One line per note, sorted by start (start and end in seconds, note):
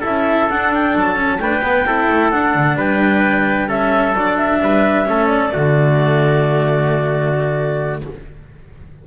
0.00 0.50 C#4
0.00 0.48 E4
0.00 1.37 A4
0.00 0.49 E5
0.49 0.95 D4
0.49 1.15 D4
0.49 0.72 F#5
0.73 0.96 G5
0.95 1.38 F#3
0.95 1.40 A5
1.15 1.38 C#4
1.38 1.61 A3
1.38 1.62 D4
1.38 1.86 B4
1.38 2.31 G5
1.62 1.85 B3
1.85 2.08 C4
1.85 2.32 E4
1.85 2.77 A4
2.09 2.32 A3
2.31 3.68 D4
2.31 2.54 D4
2.31 2.77 F#5
2.54 2.76 D3
2.76 4.12 G3
2.76 3.68 B4
2.76 3.69 G5
3.68 4.14 C#4
3.68 4.60 A4
3.68 4.15 E5
4.12 4.58 F#3
4.12 5.05 D4
4.12 4.37 D5
4.37 5.27 E5
4.61 5.07 G3
4.61 5.08 B4
5.05 5.54 A3
5.05 5.50 C#4
5.05 5.53 A4
5.27 8.01 D5
5.50 8.06 D3
5.50 8.01 A3
5.50 8.04 F#4